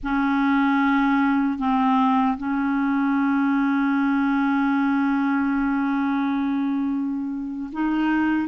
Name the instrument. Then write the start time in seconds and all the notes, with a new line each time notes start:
clarinet
0.03 C#4
1.58 C4
2.37 C#4
7.72 D#4